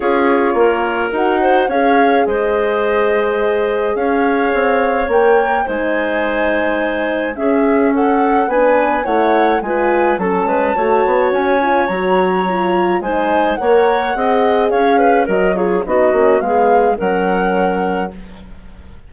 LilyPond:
<<
  \new Staff \with { instrumentName = "flute" } { \time 4/4 \tempo 4 = 106 cis''2 fis''4 f''4 | dis''2. f''4~ | f''4 g''4 gis''2~ | gis''4 e''4 fis''4 gis''4 |
fis''4 gis''4 a''2 | gis''4 ais''2 gis''4 | fis''2 f''4 dis''8 cis''8 | dis''4 f''4 fis''2 | }
  \new Staff \with { instrumentName = "clarinet" } { \time 4/4 gis'4 ais'4. c''8 cis''4 | c''2. cis''4~ | cis''2 c''2~ | c''4 gis'4 a'4 b'4 |
cis''4 b'4 a'8 b'8 cis''4~ | cis''2. c''4 | cis''4 dis''4 cis''8 b'8 ais'8 gis'8 | fis'4 gis'4 ais'2 | }
  \new Staff \with { instrumentName = "horn" } { \time 4/4 f'2 fis'4 gis'4~ | gis'1~ | gis'4 ais'4 dis'2~ | dis'4 cis'2 d'4 |
e'4 f'4 cis'4 fis'4~ | fis'8 f'8 fis'4 f'4 dis'4 | ais'4 gis'2 fis'8 f'8 | dis'8 cis'8 b4 cis'2 | }
  \new Staff \with { instrumentName = "bassoon" } { \time 4/4 cis'4 ais4 dis'4 cis'4 | gis2. cis'4 | c'4 ais4 gis2~ | gis4 cis'2 b4 |
a4 gis4 fis8 gis8 a8 b8 | cis'4 fis2 gis4 | ais4 c'4 cis'4 fis4 | b8 ais8 gis4 fis2 | }
>>